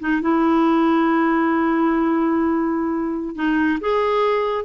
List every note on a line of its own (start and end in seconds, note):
0.00 0.22 D#4
0.22 3.36 E4
3.36 3.79 D#4
3.81 4.65 G#4